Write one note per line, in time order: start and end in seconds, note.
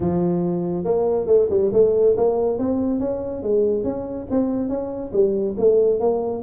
0.00 0.84 F3
0.84 1.26 A#3
1.26 1.48 A3
1.50 1.71 G3
1.73 2.15 A3
2.16 2.58 A#3
2.58 2.99 C4
2.99 3.42 C#4
3.42 3.83 G#3
3.83 4.26 C#4
4.30 4.69 C4
4.69 5.11 C#4
5.13 5.55 G3
5.57 6.00 A3
6.00 6.42 A#3